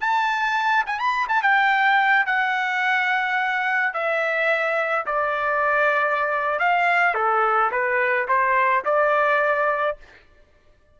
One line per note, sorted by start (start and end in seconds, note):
0.00 0.84 A5
0.86 0.99 G#5
0.99 1.27 B5
1.28 1.42 A5
1.42 2.26 G5
2.26 3.93 F#5
3.93 5.05 E5
5.06 6.59 D5
6.59 7.14 F5
7.14 7.71 A4
7.71 8.27 B4
8.28 8.84 C5
8.85 9.97 D5